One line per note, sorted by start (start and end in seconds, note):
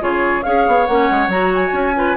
0.00 0.45 C#3
0.00 0.43 F4
0.00 0.45 G#4
0.00 0.43 C#5
0.43 0.68 C#4
0.43 0.88 G#4
0.43 1.96 C#5
0.43 0.86 F5
0.68 0.88 B3
0.86 1.10 A#3
0.86 1.30 C#4
0.86 1.30 F#5
1.10 1.28 G#3
1.28 1.71 F#3
1.28 1.95 F#4
1.28 1.53 A#5
1.55 2.17 G#5
1.73 2.16 C#4
1.96 2.17 F4
1.96 2.17 B4